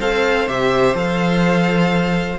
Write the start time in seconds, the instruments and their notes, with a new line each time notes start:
0.00 cello C4, viola A4, violin C5 F5
0.48 cello C3, viola G4, violin E5
0.94 cello F3, viola A4, violin F5